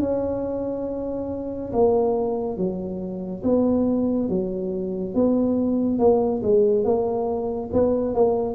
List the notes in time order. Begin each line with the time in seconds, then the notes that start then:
0.00 C#4
1.73 A#3
2.57 F#3
3.43 B3
4.29 F#3
5.14 B3
5.98 A#3
6.42 G#3
6.84 A#3
7.73 B3
8.14 A#3